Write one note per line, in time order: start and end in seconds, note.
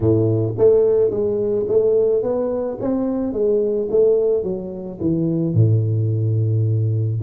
0.00 0.54 A2
0.58 1.10 A3
1.10 1.65 G#3
1.67 2.22 A3
2.22 2.78 B3
2.80 3.32 C4
3.32 3.88 G#3
3.90 4.43 A3
4.43 4.98 F#3
5.00 5.54 E3
5.54 7.20 A2